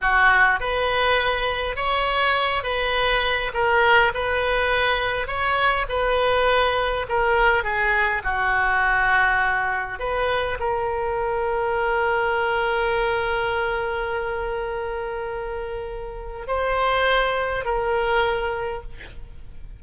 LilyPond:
\new Staff \with { instrumentName = "oboe" } { \time 4/4 \tempo 4 = 102 fis'4 b'2 cis''4~ | cis''8 b'4. ais'4 b'4~ | b'4 cis''4 b'2 | ais'4 gis'4 fis'2~ |
fis'4 b'4 ais'2~ | ais'1~ | ais'1 | c''2 ais'2 | }